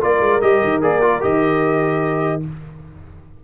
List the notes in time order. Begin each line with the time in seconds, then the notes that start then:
0.00 A#3 F4 A#4 D5
0.20 G#3
0.42 G3 G4 D#5
0.64 D#3
0.82 A#3 G#4 D5
1.02 F4
1.21 D#3 G4 D#5